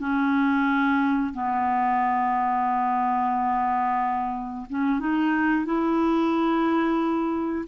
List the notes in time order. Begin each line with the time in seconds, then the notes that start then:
0.00 C#4
1.34 B3
4.70 C#4
5.00 D#4
5.65 E4